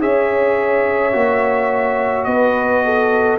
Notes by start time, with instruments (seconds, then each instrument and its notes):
0.00 tuba C#4, trombone G#4, horn C#5, trumpet E5
1.12 tuba A#3, trombone F#4
2.24 tuba B3, horn B4, trumpet D#5
2.85 horn A4